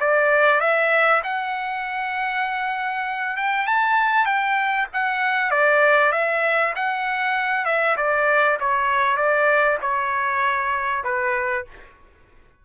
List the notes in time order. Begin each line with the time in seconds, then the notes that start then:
0.00 D5
0.60 E5
1.24 F#5
3.37 G5
3.67 A5
4.26 G5
4.93 F#5
5.51 D5
6.12 E5
6.76 F#5
7.65 E5
7.97 D5
8.60 C#5
9.17 D5
9.82 C#5
11.04 B4